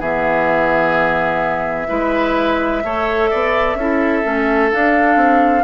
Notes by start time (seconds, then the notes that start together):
0.00 E3 B3 G#4 E5
1.88 G#3 E4 B4
2.84 A3 A4 C#5
3.31 B3 D5
3.75 C#4 E4 A4
4.23 A3 C#4
4.71 D4 F5
5.16 C4